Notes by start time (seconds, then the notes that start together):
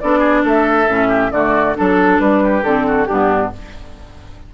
0.00 B3 D4 A4 D5
0.19 G#4
0.44 A3 A4 E5
0.87 A2 C#4
1.08 G4
1.31 D3 A3 F#4 D5
1.75 F#3 D4 A4
2.19 G3 D4 B4
2.42 G4
2.63 D3 C4 A4
2.87 F#4
3.05 G2 B3 D4 G4